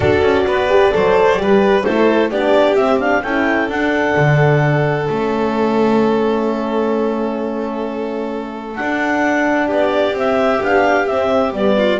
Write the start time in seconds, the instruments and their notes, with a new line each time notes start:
0.00 double bass D4, horn F#4, violin A4, clarinet D5
0.22 double bass C#4
0.46 double bass B3, violin B4
0.69 horn G4
0.91 double bass F#3, horn A4, violin C5
1.36 double bass G3, horn G4, violin B4
1.83 double bass A3, horn E4, violin A4, clarinet C5
2.30 double bass B3, horn D4, violin G4, clarinet D5
2.75 double bass C4, horn C4, clarinet E5
2.99 horn D4, clarinet F5
3.22 double bass C#4, horn E4, violin A4, clarinet G5
3.68 double bass D4, horn D4, clarinet F#5
4.16 double bass D3
5.07 double bass A3, horn C#4, clarinet E5
8.75 horn D4, double bass D4, clarinet F#5
9.65 double bass B3, violin G4, clarinet D5
10.13 double bass C4, horn C4, clarinet E5
10.61 double bass B3, horn D4, clarinet F5
11.06 double bass C4, horn C4, clarinet E5
11.52 double bass G3, horn B3, clarinet D5
11.77 violin F4